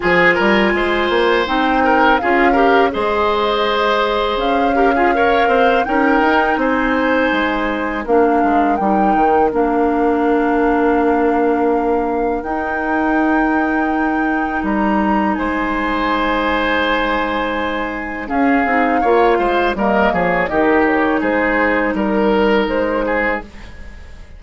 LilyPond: <<
  \new Staff \with { instrumentName = "flute" } { \time 4/4 \tempo 4 = 82 gis''2 g''4 f''4 | dis''2 f''2 | g''4 gis''2 f''4 | g''4 f''2.~ |
f''4 g''2. | ais''4 gis''2.~ | gis''4 f''2 dis''8 cis''8 | dis''8 cis''8 c''4 ais'4 c''4 | }
  \new Staff \with { instrumentName = "oboe" } { \time 4/4 gis'8 ais'8 c''4. ais'8 gis'8 ais'8 | c''2~ c''8 ais'16 gis'16 cis''8 c''8 | ais'4 c''2 ais'4~ | ais'1~ |
ais'1~ | ais'4 c''2.~ | c''4 gis'4 cis''8 c''8 ais'8 gis'8 | g'4 gis'4 ais'4. gis'8 | }
  \new Staff \with { instrumentName = "clarinet" } { \time 4/4 f'2 dis'4 f'8 g'8 | gis'2~ gis'8 g'16 f'16 ais'4 | dis'2. d'4 | dis'4 d'2.~ |
d'4 dis'2.~ | dis'1~ | dis'4 cis'8 dis'8 f'4 ais4 | dis'1 | }
  \new Staff \with { instrumentName = "bassoon" } { \time 4/4 f8 g8 gis8 ais8 c'4 cis'4 | gis2 cis'4. c'8 | cis'8 dis'8 c'4 gis4 ais8 gis8 | g8 dis8 ais2.~ |
ais4 dis'2. | g4 gis2.~ | gis4 cis'8 c'8 ais8 gis8 g8 f8 | dis4 gis4 g4 gis4 | }
>>